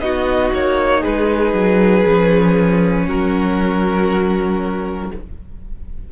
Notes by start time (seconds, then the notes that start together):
0.00 B3 D#4 F#4 D#5
0.54 A#3 C#5
1.00 G#3 G#4 B4
1.53 F#3
2.06 F3 C#4
3.08 F#3 F#4 A#4